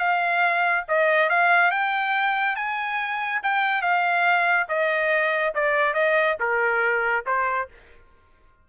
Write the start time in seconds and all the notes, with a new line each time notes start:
0.00 F5
0.89 D#5
1.30 F5
1.72 G5
2.56 G#5
3.43 G5
3.82 F5
4.69 D#5
5.55 D5
5.94 D#5
6.40 A#4
7.26 C5